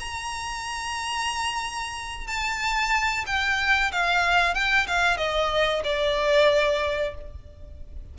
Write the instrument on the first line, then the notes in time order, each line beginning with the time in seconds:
violin
0.00 A#5
2.27 A5
3.27 G5
3.92 F5
4.54 G5
4.88 F5
5.17 D#5
5.84 D5